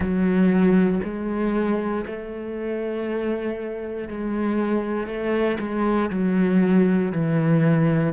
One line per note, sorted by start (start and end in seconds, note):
0.00 1.00 F#3
1.03 2.05 G#3
2.06 4.08 A3
4.08 5.07 G#3
5.07 5.57 A3
5.59 6.10 G#3
6.10 7.11 F#3
7.11 8.13 E3